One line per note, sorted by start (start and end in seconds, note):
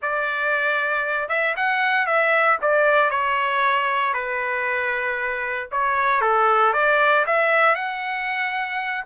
0.01 1.28 D5
1.28 1.54 E5
1.56 2.06 F#5
2.06 2.58 E5
2.61 3.10 D5
3.10 4.13 C#5
4.13 5.68 B4
5.71 6.21 C#5
6.21 6.73 A4
6.73 7.25 D5
7.26 7.75 E5
7.75 9.04 F#5